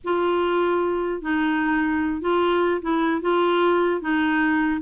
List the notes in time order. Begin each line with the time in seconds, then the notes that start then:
0.03 F4
1.21 D#4
2.21 F4
2.81 E4
3.21 F4
4.01 D#4